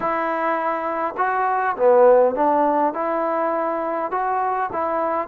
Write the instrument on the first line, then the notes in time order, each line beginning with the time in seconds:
trombone
0.00 E4
1.17 F#4
1.76 B3
2.35 D4
2.93 E4
4.11 F#4
4.72 E4